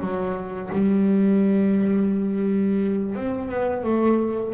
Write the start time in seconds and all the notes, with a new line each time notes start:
0.00 F#3
0.73 G3
3.16 C4
3.49 B3
3.84 A3